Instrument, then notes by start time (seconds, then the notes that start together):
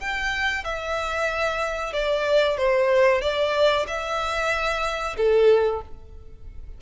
violin
0.00 G5
0.64 E5
1.93 D5
2.57 C5
3.22 D5
3.87 E5
5.17 A4